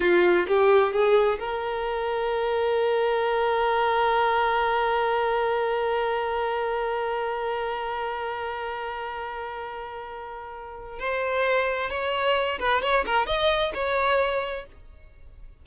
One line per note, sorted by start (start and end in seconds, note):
0.00 0.46 F4
0.47 0.92 G4
0.92 1.38 G#4
1.39 10.99 A#4
10.99 11.90 C5
11.90 12.58 C#5
12.59 12.81 B4
12.81 13.04 C#5
13.05 13.26 A#4
13.26 13.72 D#5
13.73 14.65 C#5